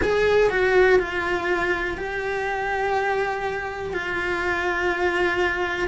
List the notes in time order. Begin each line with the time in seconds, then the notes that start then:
0.02 G#4
0.50 F#4
0.99 F4
1.97 G4
3.93 F4